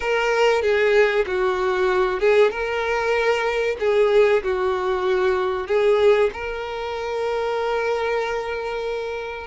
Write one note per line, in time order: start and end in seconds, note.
0.00 0.61 A#4
0.61 1.25 G#4
1.26 2.20 F#4
2.20 2.50 G#4
2.50 3.77 A#4
3.79 4.42 G#4
4.43 5.67 F#4
5.67 6.30 G#4
6.33 9.47 A#4